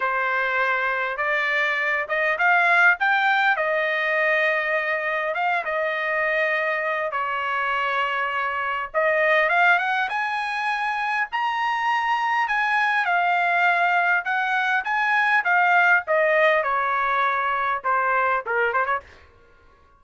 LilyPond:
\new Staff \with { instrumentName = "trumpet" } { \time 4/4 \tempo 4 = 101 c''2 d''4. dis''8 | f''4 g''4 dis''2~ | dis''4 f''8 dis''2~ dis''8 | cis''2. dis''4 |
f''8 fis''8 gis''2 ais''4~ | ais''4 gis''4 f''2 | fis''4 gis''4 f''4 dis''4 | cis''2 c''4 ais'8 c''16 cis''16 | }